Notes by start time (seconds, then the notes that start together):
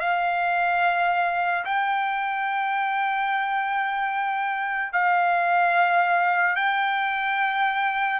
0.00 F5
1.65 G5
4.92 F5
6.56 G5